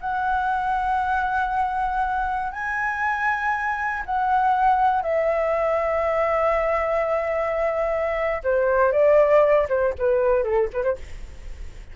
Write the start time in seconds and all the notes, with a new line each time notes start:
0.00 F#5
2.52 G#5
4.05 F#5
5.02 E5
8.43 C5
8.92 D5
9.69 C5
9.98 B4
10.43 A4
10.73 B4
10.83 C5